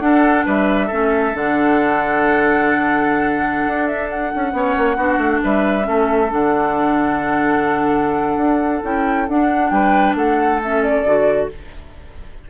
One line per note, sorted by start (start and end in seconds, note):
0.00 0.44 D4
0.00 0.89 D4
0.00 0.45 A4
0.00 0.44 F#5
0.45 0.90 G3
0.45 0.87 B4
0.45 1.36 E5
0.87 1.34 A3
0.87 1.34 C#4
0.87 4.51 A4
1.34 3.65 D3
1.34 4.53 D4
1.34 3.87 F#5
3.67 4.33 D4
3.87 4.09 E5
4.10 5.42 F#5
4.35 4.53 C#4
4.53 4.75 B3
4.53 4.97 C#4
4.53 4.97 C#5
4.77 4.97 A#3
4.97 5.17 B3
4.97 5.83 D4
4.97 5.41 F#4
5.17 5.39 A3
5.43 5.88 G3
5.43 5.87 B4
5.43 6.32 E5
5.83 6.32 A3
5.83 6.27 C#4
5.83 9.73 A4
6.30 8.37 D3
6.30 8.83 D4
6.30 8.84 F#5
8.37 8.81 D4
8.83 9.28 C#4
8.83 9.27 E4
8.83 9.28 G5
9.28 9.71 D4
9.28 10.62 D4
9.28 9.70 F#5
9.70 10.14 G3
9.70 10.17 B4
9.70 10.14 G5
10.14 11.03 A3
10.14 11.50 A4
10.14 10.61 F#5
10.62 11.06 C#4
10.62 10.83 E5
10.83 11.49 D5
11.05 11.49 D3
11.05 11.50 F#4